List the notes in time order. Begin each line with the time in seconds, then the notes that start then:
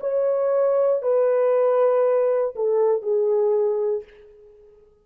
0.00 C#5
1.02 B4
2.55 A4
3.02 G#4